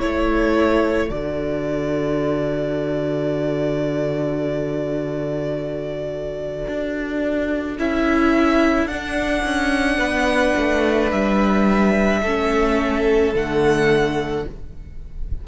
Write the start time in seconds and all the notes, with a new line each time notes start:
0.00 A3 E4 A4 C#5
1.09 D3 F#4 D5
6.68 D4
7.79 C#4 E4 E5
8.87 D4 F#5
9.45 C#4
9.98 B3 B4
10.57 A3
11.12 G3 E5
12.22 A3 C#4 A4
13.34 D3 A3 F#5